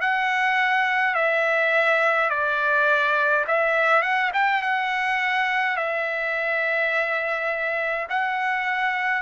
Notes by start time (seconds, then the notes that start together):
0.00 F#5
1.14 E5
2.29 D5
3.47 E5
4.02 F#5
4.33 G5
4.62 F#5
5.76 E5
8.09 F#5